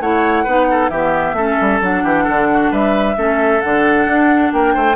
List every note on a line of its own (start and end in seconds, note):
0.00 0.45 A3
0.00 0.46 E4
0.00 0.44 C#5
0.00 0.89 F#5
0.44 0.90 B3
0.44 0.92 D#4
0.44 0.66 B4
0.71 0.90 A4
0.89 1.33 E3
0.89 1.37 B3
0.89 1.36 G4
0.89 1.80 E5
1.33 1.55 A3
1.33 1.82 C#4
1.33 2.04 A4
1.61 1.81 G3
1.81 2.03 F#3
1.81 3.16 D4
1.81 2.73 F#5
2.03 2.26 E3
2.03 2.24 G4
2.24 2.71 D3
2.24 2.46 A4
2.53 2.71 F#4
2.71 3.16 G3
2.71 3.16 B4
2.71 3.61 E5
3.16 3.62 A3
3.16 3.61 C#4
3.16 4.52 A4
3.61 4.07 D3
3.61 4.95 D4
3.61 4.51 F#5
4.07 4.52 D4
4.52 4.75 A#3
4.52 4.74 A#4
4.52 4.95 G5
4.74 4.95 A3
4.74 4.95 C5